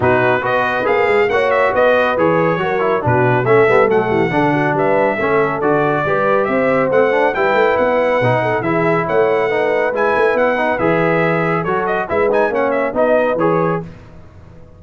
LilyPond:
<<
  \new Staff \with { instrumentName = "trumpet" } { \time 4/4 \tempo 4 = 139 b'4 dis''4 f''4 fis''8 e''8 | dis''4 cis''2 b'4 | e''4 fis''2 e''4~ | e''4 d''2 e''4 |
fis''4 g''4 fis''2 | e''4 fis''2 gis''4 | fis''4 e''2 cis''8 dis''8 | e''8 gis''8 fis''8 e''8 dis''4 cis''4 | }
  \new Staff \with { instrumentName = "horn" } { \time 4/4 fis'4 b'2 cis''4 | b'2 ais'4 fis'4 | a'4. g'8 a'8 fis'8 b'4 | a'2 b'4 c''4~ |
c''4 b'2~ b'8 a'8 | gis'4 cis''4 b'2~ | b'2. a'4 | b'4 cis''4 b'2 | }
  \new Staff \with { instrumentName = "trombone" } { \time 4/4 dis'4 fis'4 gis'4 fis'4~ | fis'4 gis'4 fis'8 e'8 d'4 | cis'8 b8 a4 d'2 | cis'4 fis'4 g'2 |
c'8 d'8 e'2 dis'4 | e'2 dis'4 e'4~ | e'8 dis'8 gis'2 fis'4 | e'8 dis'8 cis'4 dis'4 gis'4 | }
  \new Staff \with { instrumentName = "tuba" } { \time 4/4 b,4 b4 ais8 gis8 ais4 | b4 e4 fis4 b,4 | a8 g8 fis8 e8 d4 g4 | a4 d4 g4 c'4 |
a4 g8 a8 b4 b,4 | e4 a2 gis8 a8 | b4 e2 fis4 | gis4 ais4 b4 e4 | }
>>